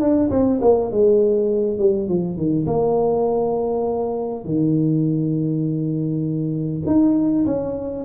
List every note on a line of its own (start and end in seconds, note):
0.00 0.30 D4
0.31 0.60 C4
0.62 0.91 A#3
0.91 1.79 G#3
1.79 2.09 G3
2.09 2.37 F3
2.37 2.66 D#3
2.67 4.45 A#3
4.45 6.82 D#3
6.86 7.46 D#4
7.46 8.05 C#4